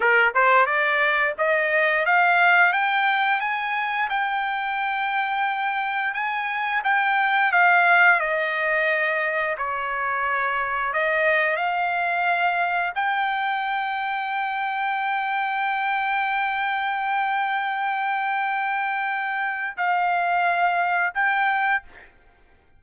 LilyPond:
\new Staff \with { instrumentName = "trumpet" } { \time 4/4 \tempo 4 = 88 ais'8 c''8 d''4 dis''4 f''4 | g''4 gis''4 g''2~ | g''4 gis''4 g''4 f''4 | dis''2 cis''2 |
dis''4 f''2 g''4~ | g''1~ | g''1~ | g''4 f''2 g''4 | }